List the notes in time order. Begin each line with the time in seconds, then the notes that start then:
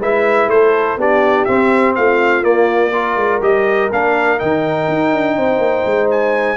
0.00 G#3 E4 B4 E5
0.47 A3 C5
0.53 A4
0.97 B3 D4 G4 D5
1.45 C4 E5
1.95 A3 F4 F5
2.43 A#3 D5
2.92 F4 A#4
3.16 G#3
3.41 G3 G4 D#5
3.92 A#3 D4 F5
4.39 D#3 D#4 G5
4.88 D#4
5.12 D4
5.37 C4 C5
5.58 A#3
5.85 G#3
6.10 G#5